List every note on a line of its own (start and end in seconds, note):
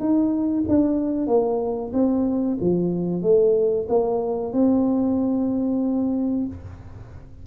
0.00 0.65 D#4
0.69 1.28 D4
1.28 1.92 A#3
1.94 2.58 C4
2.61 3.23 F3
3.23 3.87 A3
3.89 4.53 A#3
4.53 6.47 C4